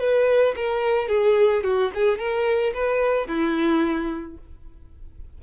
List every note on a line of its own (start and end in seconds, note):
0.00 0.55 B4
0.56 1.09 A#4
1.09 1.64 G#4
1.64 1.91 F#4
1.94 2.18 G#4
2.18 2.73 A#4
2.74 3.28 B4
3.28 4.38 E4